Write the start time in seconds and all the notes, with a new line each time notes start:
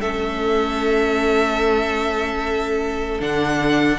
0.00 A3 C#4 A4 E5
3.20 D3 D4 F#5